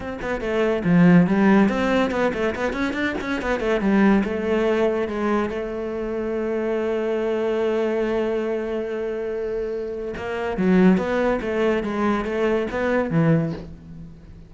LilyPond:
\new Staff \with { instrumentName = "cello" } { \time 4/4 \tempo 4 = 142 c'8 b8 a4 f4 g4 | c'4 b8 a8 b8 cis'8 d'8 cis'8 | b8 a8 g4 a2 | gis4 a2.~ |
a1~ | a1 | ais4 fis4 b4 a4 | gis4 a4 b4 e4 | }